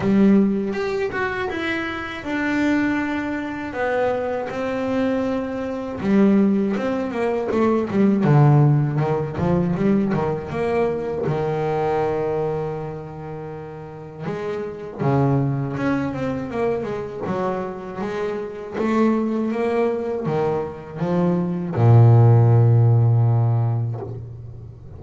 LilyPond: \new Staff \with { instrumentName = "double bass" } { \time 4/4 \tempo 4 = 80 g4 g'8 fis'8 e'4 d'4~ | d'4 b4 c'2 | g4 c'8 ais8 a8 g8 d4 | dis8 f8 g8 dis8 ais4 dis4~ |
dis2. gis4 | cis4 cis'8 c'8 ais8 gis8 fis4 | gis4 a4 ais4 dis4 | f4 ais,2. | }